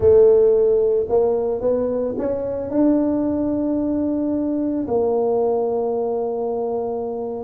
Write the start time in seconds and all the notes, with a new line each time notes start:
0.00 A3
1.09 A#3
1.61 B3
2.18 C#4
2.70 D4
4.87 A#3